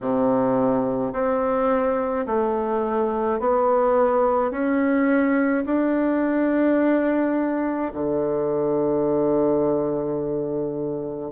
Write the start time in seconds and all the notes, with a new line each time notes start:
0.01 C3
1.13 C4
2.26 A3
3.40 B3
4.51 C#4
5.65 D4
7.93 D3